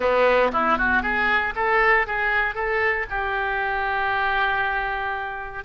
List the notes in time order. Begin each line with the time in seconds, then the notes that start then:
0.00 B3
0.52 E4
0.78 F#4
1.02 G#4
1.55 A4
2.06 G#4
2.55 A4
3.10 G4